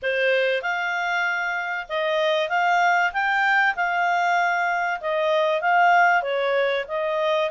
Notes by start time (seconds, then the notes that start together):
0.02 C5
0.61 F5
1.88 D#5
2.49 F5
3.12 G5
3.75 F5
5.01 D#5
5.61 F5
6.22 C#5
6.88 D#5